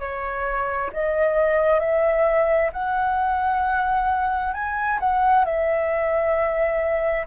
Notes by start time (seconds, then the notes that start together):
0.00 C#5
0.93 D#5
1.80 E5
2.73 F#5
4.54 G#5
5.00 F#5
5.45 E5